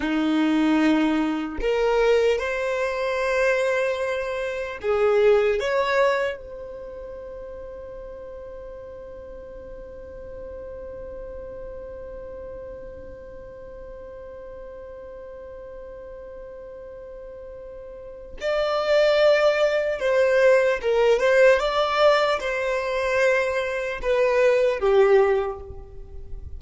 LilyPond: \new Staff \with { instrumentName = "violin" } { \time 4/4 \tempo 4 = 75 dis'2 ais'4 c''4~ | c''2 gis'4 cis''4 | c''1~ | c''1~ |
c''1~ | c''2. d''4~ | d''4 c''4 ais'8 c''8 d''4 | c''2 b'4 g'4 | }